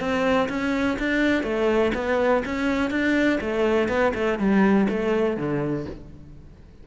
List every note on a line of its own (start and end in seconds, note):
0.00 0.49 C4
0.49 0.98 C#4
0.99 1.43 D4
1.43 1.92 A3
1.95 2.43 B3
2.45 2.90 C#4
2.90 3.39 D4
3.41 3.89 A3
3.89 4.13 B3
4.15 4.39 A3
4.39 4.88 G3
4.89 5.37 A3
5.37 5.86 D3